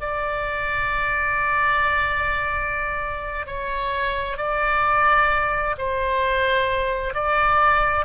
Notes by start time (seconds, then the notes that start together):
0.00 D5
3.46 C#5
4.37 D5
5.78 C5
7.14 D5